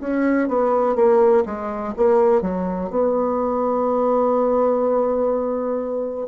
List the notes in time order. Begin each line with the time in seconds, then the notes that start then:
0.00 C#4
0.48 B3
0.95 A#3
1.45 G#3
1.96 A#3
2.41 F#3
2.89 B3